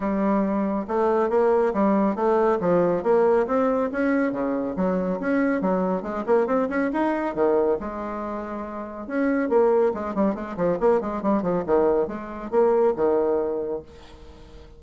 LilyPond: \new Staff \with { instrumentName = "bassoon" } { \time 4/4 \tempo 4 = 139 g2 a4 ais4 | g4 a4 f4 ais4 | c'4 cis'4 cis4 fis4 | cis'4 fis4 gis8 ais8 c'8 cis'8 |
dis'4 dis4 gis2~ | gis4 cis'4 ais4 gis8 g8 | gis8 f8 ais8 gis8 g8 f8 dis4 | gis4 ais4 dis2 | }